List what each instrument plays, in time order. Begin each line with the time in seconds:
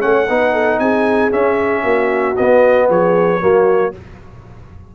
0.00 tuba A3, trombone C#4, horn C#5, trumpet F#5
0.28 tuba B3, trombone D#4, horn B4
0.53 horn A4
0.79 tuba C4, horn G#4, trumpet G#5
1.31 trombone C#4, tuba C#4, trumpet E5
1.83 tuba A#3, horn F#4
2.37 trombone B3, tuba B3, trumpet D#5
2.89 tuba F3, horn G#4, trumpet C#5
3.40 tuba F#3, trombone A#3, horn F#4